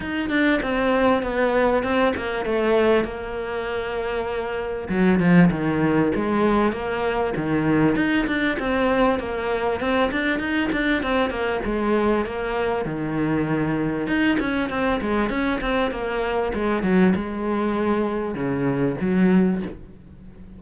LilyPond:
\new Staff \with { instrumentName = "cello" } { \time 4/4 \tempo 4 = 98 dis'8 d'8 c'4 b4 c'8 ais8 | a4 ais2. | fis8 f8 dis4 gis4 ais4 | dis4 dis'8 d'8 c'4 ais4 |
c'8 d'8 dis'8 d'8 c'8 ais8 gis4 | ais4 dis2 dis'8 cis'8 | c'8 gis8 cis'8 c'8 ais4 gis8 fis8 | gis2 cis4 fis4 | }